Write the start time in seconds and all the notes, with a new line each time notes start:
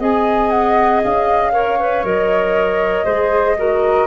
0.00 C4 G#4 D#5 G#5
0.50 F#5
1.04 C#4 F5
1.53 A#4 C#5
1.79 B4
2.04 F#3 A#4 D#5
3.05 G#3 G#4 C5
3.58 F#4 A#4